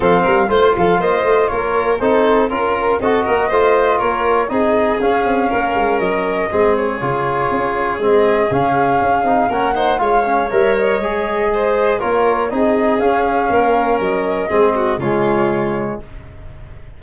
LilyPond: <<
  \new Staff \with { instrumentName = "flute" } { \time 4/4 \tempo 4 = 120 f''4 c''8 f''8 dis''4 cis''4 | c''4 ais'4 dis''2 | cis''4 dis''4 f''2 | dis''4. cis''2~ cis''8 |
dis''4 f''2 fis''4 | f''4 e''8 dis''2~ dis''8 | cis''4 dis''4 f''2 | dis''2 cis''2 | }
  \new Staff \with { instrumentName = "violin" } { \time 4/4 a'8 ais'8 c''8 a'8 c''4 ais'4 | a'4 ais'4 a'8 ais'8 c''4 | ais'4 gis'2 ais'4~ | ais'4 gis'2.~ |
gis'2. ais'8 c''8 | cis''2. c''4 | ais'4 gis'2 ais'4~ | ais'4 gis'8 fis'8 f'2 | }
  \new Staff \with { instrumentName = "trombone" } { \time 4/4 c'4 f'2. | dis'4 f'4 fis'4 f'4~ | f'4 dis'4 cis'2~ | cis'4 c'4 f'2 |
c'4 cis'4. dis'8 cis'8 dis'8 | f'8 cis'8 ais'4 gis'2 | f'4 dis'4 cis'2~ | cis'4 c'4 gis2 | }
  \new Staff \with { instrumentName = "tuba" } { \time 4/4 f8 g8 a8 f8 ais8 a8 ais4 | c'4 cis'4 c'8 ais8 a4 | ais4 c'4 cis'8 c'8 ais8 gis8 | fis4 gis4 cis4 cis'4 |
gis4 cis4 cis'8 c'8 ais4 | gis4 g4 gis2 | ais4 c'4 cis'4 ais4 | fis4 gis4 cis2 | }
>>